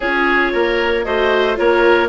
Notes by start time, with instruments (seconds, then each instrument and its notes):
0.00 bassoon C#4, viola F4, oboe G#4, clarinet C#5
0.52 bassoon A#3, oboe A#4
1.04 bassoon A3, viola F#4, oboe C5, clarinet D#5
1.55 bassoon A#3, viola F4, oboe A#4, clarinet C#5